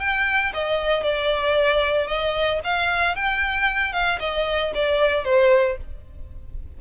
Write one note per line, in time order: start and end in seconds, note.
0.00 0.53 G5
0.54 1.04 D#5
1.04 2.08 D5
2.08 2.60 D#5
2.64 3.16 F5
3.16 3.93 G5
3.93 4.19 F5
4.20 4.72 D#5
4.75 5.25 D5
5.25 5.78 C5